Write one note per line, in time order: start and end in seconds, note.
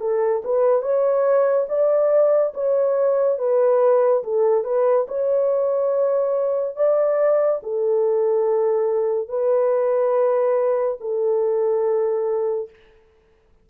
0.00 0.42 A4
0.45 0.82 B4
0.82 1.67 C#5
1.69 2.53 D5
2.54 3.39 C#5
3.39 4.23 B4
4.24 4.64 A4
4.64 5.06 B4
5.08 6.76 C#5
6.76 7.61 D5
7.63 9.28 A4
9.28 10.97 B4
11.01 12.70 A4